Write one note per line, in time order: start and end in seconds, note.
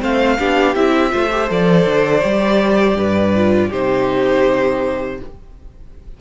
0.00 0.39 A3
0.00 0.37 C4
0.00 0.38 C5
0.00 0.75 F5
0.39 0.76 B3
0.39 0.75 D4
0.39 1.11 G4
0.75 1.13 C4
0.75 1.10 E4
0.75 1.49 E5
1.10 1.51 A3
1.10 1.29 F4
1.10 2.97 C5
1.31 1.48 G4
1.48 1.86 F3
1.48 2.22 A4
1.48 3.72 D5
1.86 2.23 D3
2.22 2.95 G3
2.22 3.33 G4
2.95 3.69 G2
2.95 3.69 B4
3.35 3.71 F4
3.69 5.20 C3
3.69 5.19 D#4
3.69 5.17 G4
3.69 5.21 C5